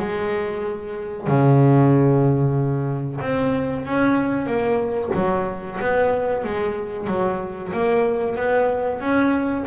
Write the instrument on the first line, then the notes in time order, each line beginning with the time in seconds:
double bass
0.00 G#3
1.28 C#3
3.21 C4
3.86 C#4
4.47 A#3
5.15 F#3
5.81 B3
6.44 G#3
7.08 F#3
7.73 A#3
8.36 B3
9.01 C#4